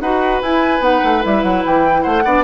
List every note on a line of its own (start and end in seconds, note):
0.00 0.41 D#4
0.00 0.43 F#4
0.00 2.02 B4
0.00 0.41 F#5
0.41 0.80 E4
0.41 0.82 G#5
0.80 1.00 B3
0.80 1.21 D#4
0.80 1.23 F#5
1.03 1.24 A3
1.21 1.43 G3
1.21 2.23 E4
1.21 1.43 E5
1.43 1.63 F#3
1.43 1.63 F#5
1.65 2.05 E3
1.65 2.02 G5
2.02 2.24 A3
2.02 2.23 C5
2.02 2.43 F#5
2.23 2.44 B3
2.23 2.44 D4
2.23 2.44 D5